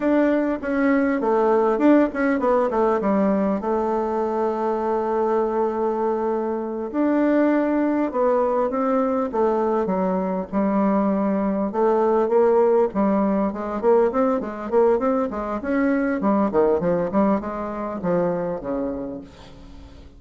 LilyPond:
\new Staff \with { instrumentName = "bassoon" } { \time 4/4 \tempo 4 = 100 d'4 cis'4 a4 d'8 cis'8 | b8 a8 g4 a2~ | a2.~ a8 d'8~ | d'4. b4 c'4 a8~ |
a8 fis4 g2 a8~ | a8 ais4 g4 gis8 ais8 c'8 | gis8 ais8 c'8 gis8 cis'4 g8 dis8 | f8 g8 gis4 f4 cis4 | }